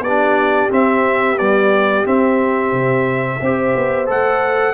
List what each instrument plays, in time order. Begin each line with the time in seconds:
0.00 tuba B3, horn G4, trumpet D5
0.08 trombone D4
0.71 trombone C4, tuba C4, trumpet E5
1.38 trombone G3, tuba B3, trumpet D5
2.05 trombone C4, tuba C4, trumpet E5
2.73 tuba C3
3.42 tuba C4, trombone G4, horn C5
3.76 tuba B3
4.06 tuba A3, trombone A4, trumpet F#5